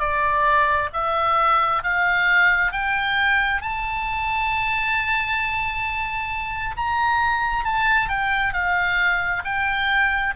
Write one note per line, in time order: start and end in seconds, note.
0.00 0.90 D5
0.93 1.83 E5
1.83 2.72 F5
2.72 3.62 G5
3.62 6.75 A5
6.77 7.65 A#5
7.65 8.09 A5
8.09 8.53 G5
8.53 9.43 F5
9.44 10.34 G5